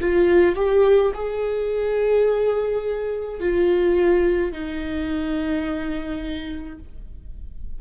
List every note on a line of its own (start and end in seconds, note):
0.00 0.55 F4
0.55 1.12 G4
1.14 3.40 G#4
3.40 4.52 F4
4.52 6.78 D#4